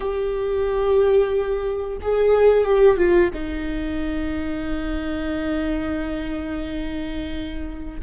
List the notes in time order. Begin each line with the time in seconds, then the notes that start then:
0.00 G4
2.01 G#4
2.65 G4
2.97 F4
3.33 D#4